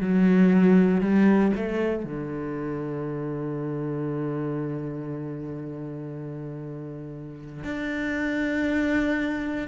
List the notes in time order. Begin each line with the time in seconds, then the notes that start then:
0.00 F#3
1.01 G3
1.55 A3
2.04 D3
7.64 D4